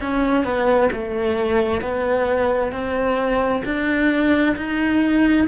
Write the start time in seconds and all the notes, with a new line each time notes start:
0.00 C#4
0.44 B3
0.92 A3
1.81 B3
2.72 C4
3.64 D4
4.56 D#4